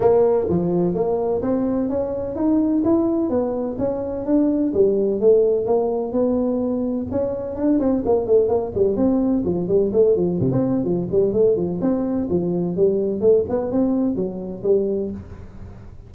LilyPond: \new Staff \with { instrumentName = "tuba" } { \time 4/4 \tempo 4 = 127 ais4 f4 ais4 c'4 | cis'4 dis'4 e'4 b4 | cis'4 d'4 g4 a4 | ais4 b2 cis'4 |
d'8 c'8 ais8 a8 ais8 g8 c'4 | f8 g8 a8 f8 c16 c'8. f8 g8 | a8 f8 c'4 f4 g4 | a8 b8 c'4 fis4 g4 | }